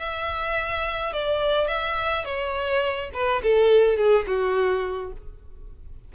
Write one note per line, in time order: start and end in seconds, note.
0.00 1.13 E5
1.13 1.68 D5
1.68 2.25 E5
2.25 3.11 C#5
3.14 3.43 B4
3.44 3.98 A4
3.98 4.26 G#4
4.27 5.13 F#4